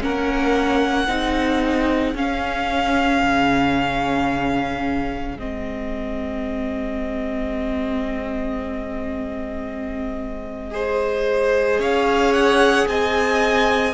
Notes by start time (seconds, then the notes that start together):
0.00 A#3 C#4 A#4 F#5
1.07 C4 D#4 G#4
2.14 C#4 F5
3.22 C#3
5.36 G#3 C4 D#5
10.70 G#4 C5
11.79 C#4 C#5 F5
12.33 F#5
12.87 C4 D#5 G#5